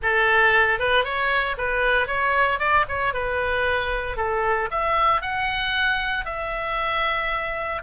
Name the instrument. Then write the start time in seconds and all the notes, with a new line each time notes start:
oboe
0.02 A4
0.79 B4
1.04 C#5
1.57 B4
2.07 C#5
2.59 D5
2.88 C#5
3.13 B4
4.16 A4
4.70 E5
5.21 F#5
6.25 E5